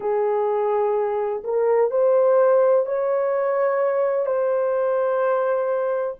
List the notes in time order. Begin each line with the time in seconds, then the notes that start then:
0.00 G#4
1.43 A#4
1.90 C5
2.86 C#5
4.26 C5